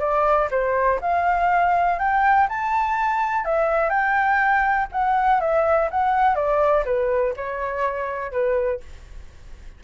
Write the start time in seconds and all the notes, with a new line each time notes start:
0.00 D5
0.51 C5
1.02 F5
1.99 G5
2.49 A5
3.45 E5
3.90 G5
4.93 F#5
5.41 E5
5.91 F#5
6.36 D5
6.86 B4
7.37 C#5
8.32 B4